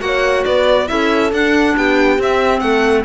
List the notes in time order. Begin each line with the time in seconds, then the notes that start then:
0.00 A#3 F#4 C#5 F#5
0.45 B3 B4 D5
0.87 C#4 E4 A4 E5
1.33 D4 F#5
1.77 B3 G4 G5
2.19 C4 E5
2.60 A3 A4 F#5